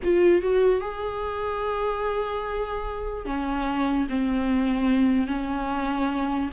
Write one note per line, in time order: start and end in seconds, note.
0.03 0.42 F4
0.42 0.81 F#4
0.81 3.25 G#4
3.25 4.07 C#4
4.09 5.27 C4
5.27 6.49 C#4